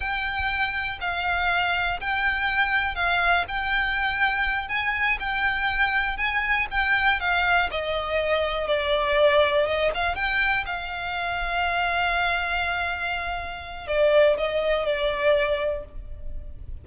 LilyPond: \new Staff \with { instrumentName = "violin" } { \time 4/4 \tempo 4 = 121 g''2 f''2 | g''2 f''4 g''4~ | g''4. gis''4 g''4.~ | g''8 gis''4 g''4 f''4 dis''8~ |
dis''4. d''2 dis''8 | f''8 g''4 f''2~ f''8~ | f''1 | d''4 dis''4 d''2 | }